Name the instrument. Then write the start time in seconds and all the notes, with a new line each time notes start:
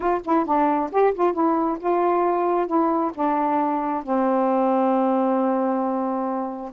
saxophone
0.00 F4
0.24 E4
0.45 D4
0.91 G4
1.14 F4
1.33 E4
1.79 F4
2.66 E4
3.14 D4
4.03 C4